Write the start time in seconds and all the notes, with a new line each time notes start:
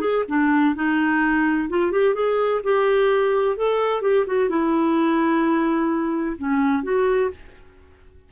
0.00 G#4
0.28 D4
0.75 D#4
1.69 F4
1.91 G4
2.14 G#4
2.63 G4
3.56 A4
4.01 G4
4.26 F#4
4.49 E4
6.37 C#4
6.83 F#4